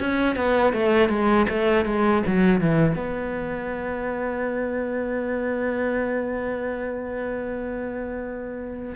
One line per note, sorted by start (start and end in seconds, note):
0.00 0.36 C#4
0.36 0.73 B3
0.73 1.09 A3
1.09 1.47 G#3
1.49 1.85 A3
1.85 2.23 G#3
2.27 2.60 F#3
2.60 2.96 E3
2.96 8.96 B3